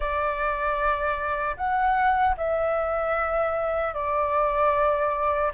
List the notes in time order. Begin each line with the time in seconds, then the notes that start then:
0.00 D5
1.56 F#5
2.37 E5
3.94 D5